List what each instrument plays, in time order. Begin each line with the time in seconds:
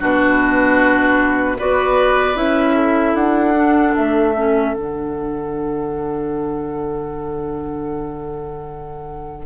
0.00 bassoon B2, clarinet D4, oboe F#4, flute B4
1.59 bassoon B3, clarinet F#4, oboe B4, flute D5
2.35 bassoon C#4, clarinet E4, flute E5
2.75 oboe A4
3.15 bassoon D4, flute F#5
3.56 clarinet D4
3.96 bassoon A3, flute E5
4.37 clarinet C#4
4.75 bassoon D3, clarinet D4, flute F#5